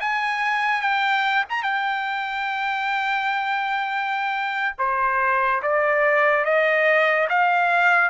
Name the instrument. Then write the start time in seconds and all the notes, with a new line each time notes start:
trumpet
0.00 G#5
0.82 G5
1.50 A#5
1.63 G5
4.78 C5
5.62 D5
6.45 D#5
7.29 F5